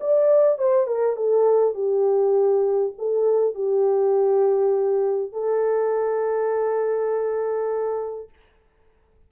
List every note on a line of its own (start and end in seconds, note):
0.00 0.58 D5
0.58 0.87 C5
0.87 1.16 A#4
1.16 1.74 A4
1.74 2.92 G4
2.98 3.55 A4
3.55 5.32 G4
5.32 8.29 A4